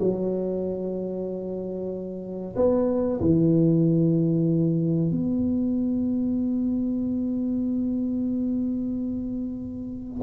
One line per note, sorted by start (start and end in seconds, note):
0.00 2.55 F#3
2.56 3.20 B3
3.20 5.12 E3
5.12 10.22 B3